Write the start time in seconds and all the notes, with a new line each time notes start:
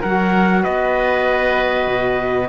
0.00 F#3 F#4 A#4 F#5
0.62 B3 B4 D#5
1.87 B2